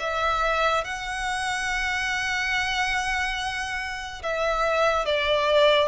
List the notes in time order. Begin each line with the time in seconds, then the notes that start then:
0.00 E5
0.84 F#5
4.23 E5
5.06 D5